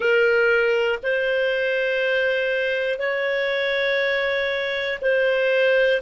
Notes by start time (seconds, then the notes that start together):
0.00 A#4
1.03 C5
2.99 C#5
5.01 C5